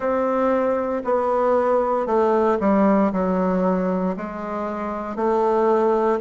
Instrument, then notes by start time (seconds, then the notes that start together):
bassoon
0.00 C4
1.04 B3
2.06 A3
2.60 G3
3.12 F#3
4.17 G#3
5.15 A3